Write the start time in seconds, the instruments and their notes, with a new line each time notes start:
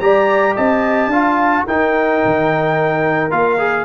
0.00 tuba G3, trombone G4, horn D5, trumpet A#5
0.56 tuba C4, horn D#5, trumpet A5
1.07 tuba D4, trombone F4, horn F5
1.67 tuba D#4, trombone D#4, horn A#4, trumpet G5
2.25 tuba D#3
3.30 tuba A#3, trombone F4, trumpet F5
3.58 trombone G#4